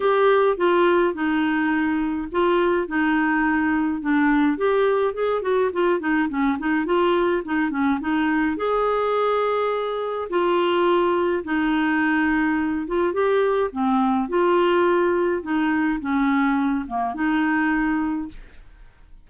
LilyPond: \new Staff \with { instrumentName = "clarinet" } { \time 4/4 \tempo 4 = 105 g'4 f'4 dis'2 | f'4 dis'2 d'4 | g'4 gis'8 fis'8 f'8 dis'8 cis'8 dis'8 | f'4 dis'8 cis'8 dis'4 gis'4~ |
gis'2 f'2 | dis'2~ dis'8 f'8 g'4 | c'4 f'2 dis'4 | cis'4. ais8 dis'2 | }